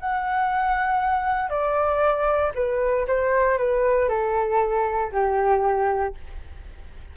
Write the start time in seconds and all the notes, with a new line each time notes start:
0.00 F#5
1.50 D5
2.55 B4
3.07 C5
3.58 B4
4.09 A4
5.12 G4